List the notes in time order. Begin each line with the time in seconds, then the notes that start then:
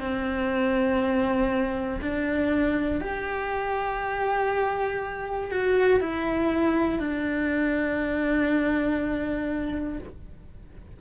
0.00 C4
2.02 D4
3.00 G4
5.51 F#4
6.00 E4
7.00 D4